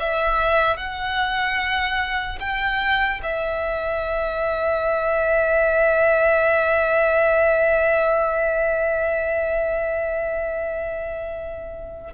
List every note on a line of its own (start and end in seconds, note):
0.00 0.77 E5
0.77 2.39 F#5
2.40 3.21 G5
3.23 12.14 E5